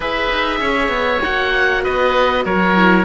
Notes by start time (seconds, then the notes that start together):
0.00 E4 G#4 B4 E5
0.30 D#4
0.60 C#4 C#5
0.88 B3
1.22 A#3 F#4 F#5
1.83 B3 B4 D#5
2.44 F#3 A#4 C#5
2.75 E4